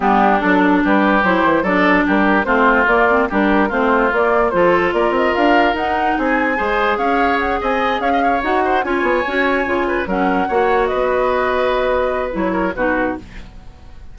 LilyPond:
<<
  \new Staff \with { instrumentName = "flute" } { \time 4/4 \tempo 4 = 146 g'4 a'4 b'4 c''4 | d''4 ais'4 c''4 d''4 | ais'4 c''4 d''4 c''4 | d''8 dis''8 f''4 fis''4 gis''4~ |
gis''4 f''4 fis''8 gis''4 f''8~ | f''8 fis''4 gis''2~ gis''8~ | gis''8 fis''2 dis''4.~ | dis''2 cis''4 b'4 | }
  \new Staff \with { instrumentName = "oboe" } { \time 4/4 d'2 g'2 | a'4 g'4 f'2 | g'4 f'2 a'4 | ais'2. gis'4 |
c''4 cis''4. dis''4 cis''16 dis''16 | cis''4 c''8 cis''2~ cis''8 | b'8 ais'4 cis''4 b'4.~ | b'2~ b'8 ais'8 fis'4 | }
  \new Staff \with { instrumentName = "clarinet" } { \time 4/4 b4 d'2 e'4 | d'2 c'4 ais8 c'8 | d'4 c'4 ais4 f'4~ | f'2 dis'2 |
gis'1~ | gis'8 fis'4 f'4 fis'4 f'8~ | f'8 cis'4 fis'2~ fis'8~ | fis'2 e'4 dis'4 | }
  \new Staff \with { instrumentName = "bassoon" } { \time 4/4 g4 fis4 g4 fis8 e8 | fis4 g4 a4 ais4 | g4 a4 ais4 f4 | ais8 c'8 d'4 dis'4 c'4 |
gis4 cis'4. c'4 cis'8~ | cis'8 dis'4 cis'8 b8 cis'4 cis8~ | cis8 fis4 ais4 b4.~ | b2 fis4 b,4 | }
>>